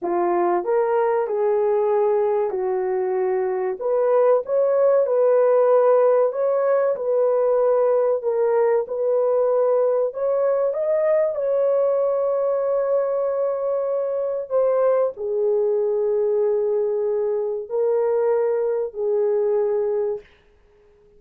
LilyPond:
\new Staff \with { instrumentName = "horn" } { \time 4/4 \tempo 4 = 95 f'4 ais'4 gis'2 | fis'2 b'4 cis''4 | b'2 cis''4 b'4~ | b'4 ais'4 b'2 |
cis''4 dis''4 cis''2~ | cis''2. c''4 | gis'1 | ais'2 gis'2 | }